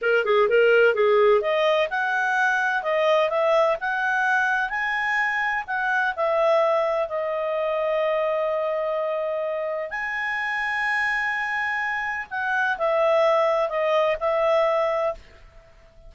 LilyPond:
\new Staff \with { instrumentName = "clarinet" } { \time 4/4 \tempo 4 = 127 ais'8 gis'8 ais'4 gis'4 dis''4 | fis''2 dis''4 e''4 | fis''2 gis''2 | fis''4 e''2 dis''4~ |
dis''1~ | dis''4 gis''2.~ | gis''2 fis''4 e''4~ | e''4 dis''4 e''2 | }